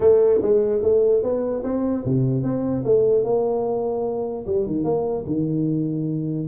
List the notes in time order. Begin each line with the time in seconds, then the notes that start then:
0.00 A3
0.42 G#3
0.82 A3
1.22 B3
1.63 C4
2.04 C3
2.43 C4
2.84 A3
3.23 A#3
4.46 G3
4.66 D#3
4.84 A#3
5.26 D#3